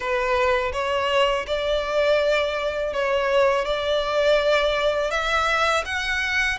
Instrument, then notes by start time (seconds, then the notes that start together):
violin
0.00 B4
0.72 C#5
1.46 D5
2.93 C#5
3.65 D5
5.11 E5
5.85 F#5